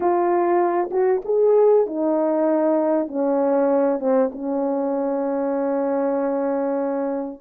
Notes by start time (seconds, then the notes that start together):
0.00 F4
0.90 F#4
1.24 G#4
1.86 D#4
3.07 C#4
3.99 C4
4.32 C#4